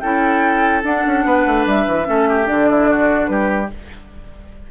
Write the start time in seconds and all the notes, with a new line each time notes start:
0.00 C#4 E4 A4 G5
0.83 D4 F#5
1.06 C#4
1.25 B3 B4
1.46 A3
1.66 G3 E5
1.87 E3
2.04 A3 C#4 A4
2.28 G4
2.44 D3 D4 D5
2.69 E4
2.89 F#4
3.26 G3 G4 B4